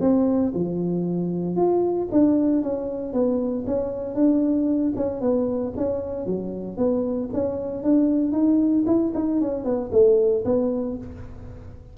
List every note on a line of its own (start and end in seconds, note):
0.00 0.52 C4
0.54 1.56 F3
1.56 2.08 F4
2.11 2.62 D4
2.62 3.13 C#4
3.13 3.65 B3
3.66 4.15 C#4
4.15 4.93 D4
4.96 5.21 C#4
5.21 5.73 B3
5.77 6.26 C#4
6.26 6.77 F#3
6.77 7.29 B3
7.33 7.83 C#4
7.83 8.32 D4
8.32 8.84 D#4
8.86 9.12 E4
9.14 9.40 D#4
9.41 9.64 C#4
9.64 9.90 B3
9.92 10.44 A3
10.45 10.97 B3